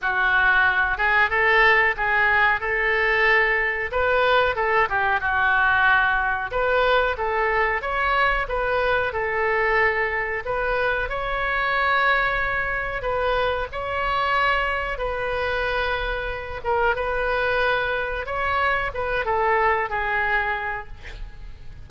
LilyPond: \new Staff \with { instrumentName = "oboe" } { \time 4/4 \tempo 4 = 92 fis'4. gis'8 a'4 gis'4 | a'2 b'4 a'8 g'8 | fis'2 b'4 a'4 | cis''4 b'4 a'2 |
b'4 cis''2. | b'4 cis''2 b'4~ | b'4. ais'8 b'2 | cis''4 b'8 a'4 gis'4. | }